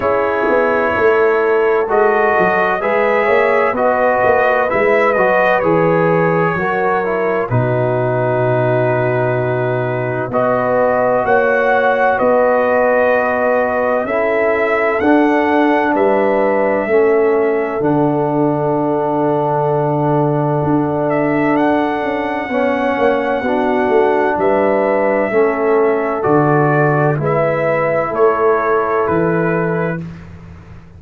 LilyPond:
<<
  \new Staff \with { instrumentName = "trumpet" } { \time 4/4 \tempo 4 = 64 cis''2 dis''4 e''4 | dis''4 e''8 dis''8 cis''2 | b'2. dis''4 | fis''4 dis''2 e''4 |
fis''4 e''2 fis''4~ | fis''2~ fis''8 e''8 fis''4~ | fis''2 e''2 | d''4 e''4 cis''4 b'4 | }
  \new Staff \with { instrumentName = "horn" } { \time 4/4 gis'4 a'2 b'8 cis''8 | b'2. ais'4 | fis'2. b'4 | cis''4 b'2 a'4~ |
a'4 b'4 a'2~ | a'1 | cis''4 fis'4 b'4 a'4~ | a'4 b'4 a'2 | }
  \new Staff \with { instrumentName = "trombone" } { \time 4/4 e'2 fis'4 gis'4 | fis'4 e'8 fis'8 gis'4 fis'8 e'8 | dis'2. fis'4~ | fis'2. e'4 |
d'2 cis'4 d'4~ | d'1 | cis'4 d'2 cis'4 | fis'4 e'2. | }
  \new Staff \with { instrumentName = "tuba" } { \time 4/4 cis'8 b8 a4 gis8 fis8 gis8 ais8 | b8 ais8 gis8 fis8 e4 fis4 | b,2. b4 | ais4 b2 cis'4 |
d'4 g4 a4 d4~ | d2 d'4. cis'8 | b8 ais8 b8 a8 g4 a4 | d4 gis4 a4 e4 | }
>>